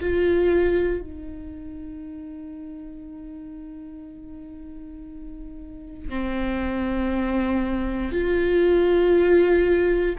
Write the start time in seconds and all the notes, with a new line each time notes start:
0.00 F4
1.02 D#4
6.10 C4
8.12 F4